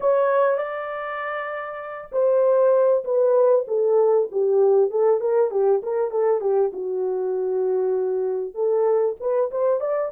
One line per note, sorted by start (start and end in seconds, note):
0.00 0.57 C#5
0.57 2.10 D5
2.12 3.03 C5
3.04 3.65 B4
3.67 4.28 A4
4.31 4.90 G4
4.90 5.20 A4
5.20 5.50 A#4
5.50 5.81 G4
5.82 6.11 A#4
6.11 6.40 A4
6.40 6.71 G4
6.72 8.54 F#4
8.54 9.15 A4
9.19 9.50 B4
9.51 9.80 C5
9.80 10.11 D5